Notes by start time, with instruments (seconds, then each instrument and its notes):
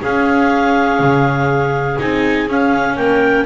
0.00 viola C#4, double bass C#4, clarinet G#4 F5
0.99 double bass C#3
1.98 double bass C4, viola D#4, clarinet G#5
2.47 double bass C#4, viola C#4, clarinet F5
2.96 double bass A#3, clarinet A#4 G5